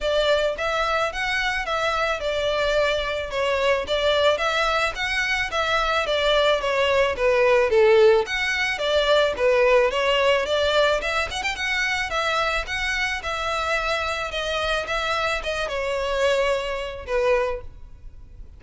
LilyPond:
\new Staff \with { instrumentName = "violin" } { \time 4/4 \tempo 4 = 109 d''4 e''4 fis''4 e''4 | d''2 cis''4 d''4 | e''4 fis''4 e''4 d''4 | cis''4 b'4 a'4 fis''4 |
d''4 b'4 cis''4 d''4 | e''8 fis''16 g''16 fis''4 e''4 fis''4 | e''2 dis''4 e''4 | dis''8 cis''2~ cis''8 b'4 | }